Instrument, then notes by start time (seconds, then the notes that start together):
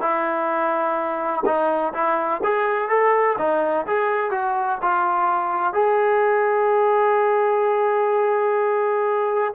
trombone
0.00 E4
1.45 D#4
1.93 E4
2.43 G#4
2.88 A4
3.38 D#4
3.86 G#4
4.30 F#4
4.82 F4
5.73 G#4